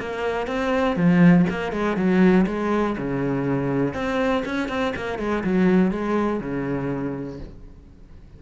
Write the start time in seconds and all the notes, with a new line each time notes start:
0.00 A#3
0.47 C4
0.96 F3
1.50 A#3
1.73 G#3
1.97 F#3
2.47 G#3
2.98 C#3
3.94 C4
4.46 C#4
4.69 C4
4.96 A#3
5.19 G#3
5.44 F#3
5.91 G#3
6.41 C#3